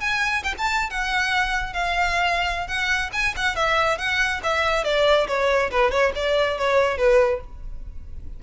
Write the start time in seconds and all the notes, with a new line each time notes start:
0.00 G#5
0.43 G5
0.58 A5
0.90 F#5
1.73 F5
2.67 F#5
3.13 G#5
3.36 F#5
3.55 E5
3.97 F#5
4.43 E5
4.84 D5
5.27 C#5
5.70 B4
5.91 C#5
6.15 D5
6.57 C#5
6.97 B4